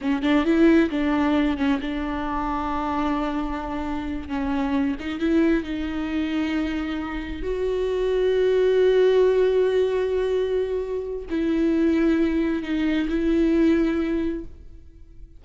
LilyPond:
\new Staff \with { instrumentName = "viola" } { \time 4/4 \tempo 4 = 133 cis'8 d'8 e'4 d'4. cis'8 | d'1~ | d'4. cis'4. dis'8 e'8~ | e'8 dis'2.~ dis'8~ |
dis'8 fis'2.~ fis'8~ | fis'1~ | fis'4 e'2. | dis'4 e'2. | }